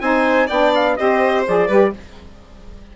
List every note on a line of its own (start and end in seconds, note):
0.00 0.49 C4
0.00 0.48 D#4
0.00 0.47 C5
0.00 0.48 G#5
0.47 0.98 B3
0.47 0.97 D4
0.47 0.95 D5
0.47 0.73 G5
0.74 0.96 F5
0.96 1.47 C4
0.96 1.45 G4
0.96 1.67 C5
0.96 1.44 D#5
1.47 1.68 F3
1.47 1.68 G#4
1.47 1.96 D5
1.67 1.92 G3
1.67 1.92 G4
1.67 1.91 B4